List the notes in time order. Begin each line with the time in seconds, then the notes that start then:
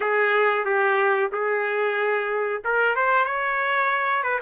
0.00 G#4
0.65 G4
1.32 G#4
2.64 A#4
2.95 C5
3.25 C#5
4.23 B4